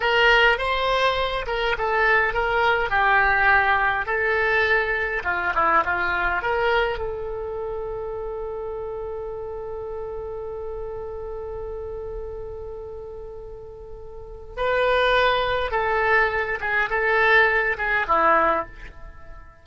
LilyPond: \new Staff \with { instrumentName = "oboe" } { \time 4/4 \tempo 4 = 103 ais'4 c''4. ais'8 a'4 | ais'4 g'2 a'4~ | a'4 f'8 e'8 f'4 ais'4 | a'1~ |
a'1~ | a'1~ | a'4 b'2 a'4~ | a'8 gis'8 a'4. gis'8 e'4 | }